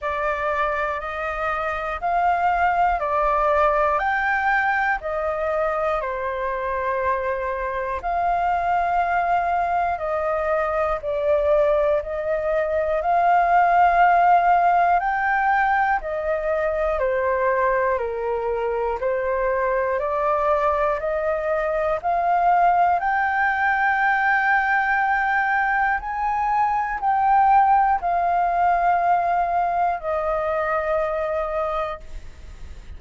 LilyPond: \new Staff \with { instrumentName = "flute" } { \time 4/4 \tempo 4 = 60 d''4 dis''4 f''4 d''4 | g''4 dis''4 c''2 | f''2 dis''4 d''4 | dis''4 f''2 g''4 |
dis''4 c''4 ais'4 c''4 | d''4 dis''4 f''4 g''4~ | g''2 gis''4 g''4 | f''2 dis''2 | }